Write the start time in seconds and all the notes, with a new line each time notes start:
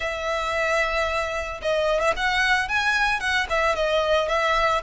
0.00 E5
1.61 D#5
2.00 E5
2.16 F#5
2.68 G#5
3.20 F#5
3.49 E5
3.75 D#5
4.28 E5